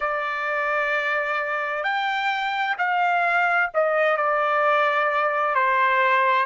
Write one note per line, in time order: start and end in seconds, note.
0.00 1.83 D5
1.83 2.76 G5
2.77 3.70 F5
3.73 4.16 D#5
4.16 5.54 D5
5.54 6.45 C5